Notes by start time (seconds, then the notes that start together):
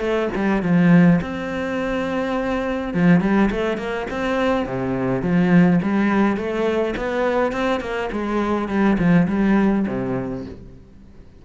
0.00 A3
0.35 G3
0.63 F3
1.21 C4
2.94 F3
3.21 G3
3.51 A3
3.78 A#3
4.11 C4
4.66 C3
5.22 F3
5.83 G3
6.37 A3
6.97 B3
7.52 C4
7.81 A#3
8.12 G#3
8.69 G3
8.98 F3
9.28 G3
9.88 C3